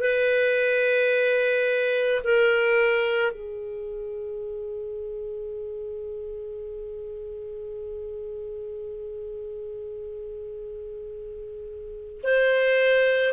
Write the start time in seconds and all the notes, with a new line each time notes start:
0.00 B4
2.24 A#4
3.32 G#4
12.23 C5